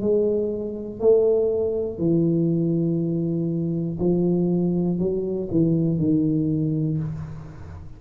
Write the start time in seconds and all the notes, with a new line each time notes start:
0.00 G#3
1.00 A3
1.99 E3
3.99 F3
4.98 F#3
5.50 E3
5.98 D#3